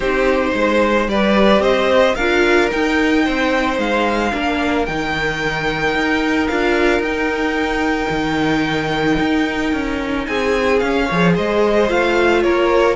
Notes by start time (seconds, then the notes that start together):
0.00 C4 D#4 G4 C5
0.54 G#3 C5
1.07 G3 G4 B4 D5
1.59 C4 C5 D#5
2.15 D4 F4 A#4 F5
2.70 D#4 G5
3.24 C4 C5
3.77 G#3 F5
4.32 A#3 D4 A#4
4.85 D#3 D#4 G5
5.94 D#4
6.47 D4 F4 F5
6.99 D#4 G5
8.09 D#3
9.19 D#4
9.73 C#4
10.26 C4 G#4 G#5
10.79 C#4 F5
11.05 F3 C#5
11.12 G#4
11.34 G#3 C5 D#5
11.87 A3 F4 F5
12.42 A#3 A#4 C#5